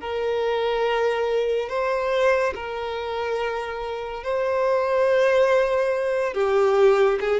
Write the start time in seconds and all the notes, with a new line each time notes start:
0.00 A#4
1.69 C5
2.55 A#4
4.23 C5
6.34 G4
7.20 G#4